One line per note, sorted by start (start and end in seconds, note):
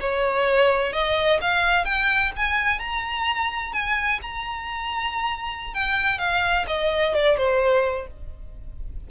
0.00 0.93 C#5
0.93 1.40 D#5
1.41 1.85 F5
1.85 2.32 G5
2.37 2.79 G#5
2.79 3.73 A#5
3.73 4.20 G#5
4.22 5.74 A#5
5.74 6.19 G5
6.19 6.65 F5
6.67 7.14 D#5
7.14 7.37 D5
7.37 8.07 C5